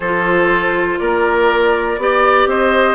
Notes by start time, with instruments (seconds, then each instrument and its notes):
0.00 bassoon F3, clarinet F4, oboe A4, flute C5
0.98 bassoon A#3, oboe A#4, flute D5
1.97 bassoon B3, clarinet G4, oboe D5
2.46 bassoon C4, oboe C5, flute D#5